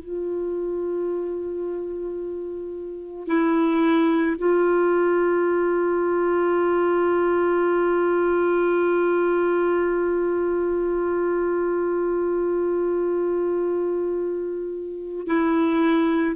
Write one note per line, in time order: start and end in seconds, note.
0.00 3.27 F4
3.27 4.36 E4
4.38 15.27 F4
15.27 16.36 E4